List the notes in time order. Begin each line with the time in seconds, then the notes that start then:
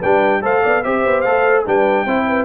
0.00 G3 D4 B4 G5
0.42 A3 A4 C5 F5
0.62 B3 D5
0.84 C4 G4 C5 E5
1.06 B3
1.21 A3 A4 F5
1.66 G3 D4 B4 G5
2.05 C4 E4 C5
2.28 B4